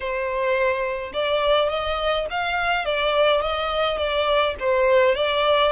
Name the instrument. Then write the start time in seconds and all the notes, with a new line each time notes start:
violin
0.00 C5
1.13 D5
1.69 D#5
2.30 F5
2.85 D5
3.41 D#5
3.97 D5
4.59 C5
5.15 D5